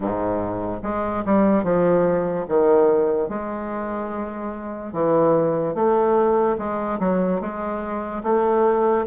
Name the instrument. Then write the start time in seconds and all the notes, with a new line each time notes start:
bassoon
0.00 G#2
0.83 G#3
1.25 G3
1.63 F3
2.48 D#3
3.28 G#3
4.92 E3
5.74 A3
6.58 G#3
6.99 F#3
7.40 G#3
8.23 A3